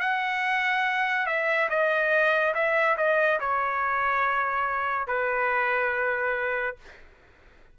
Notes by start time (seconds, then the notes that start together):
0.00 F#5
1.26 E5
1.69 D#5
2.54 E5
2.97 D#5
3.40 C#5
5.07 B4